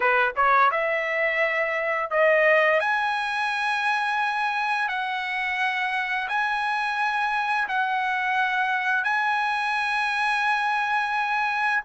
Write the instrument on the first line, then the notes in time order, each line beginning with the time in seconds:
trumpet
0.00 B4
0.36 C#5
0.71 E5
2.10 D#5
2.80 G#5
4.88 F#5
6.28 G#5
7.68 F#5
9.03 G#5